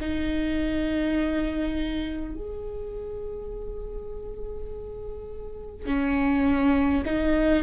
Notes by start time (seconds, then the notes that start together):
0.00 D#4
2.35 G#4
5.86 C#4
7.05 D#4